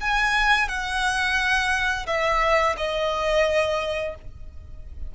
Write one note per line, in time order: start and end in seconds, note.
0.00 0.68 G#5
0.68 2.06 F#5
2.06 2.75 E5
2.76 4.14 D#5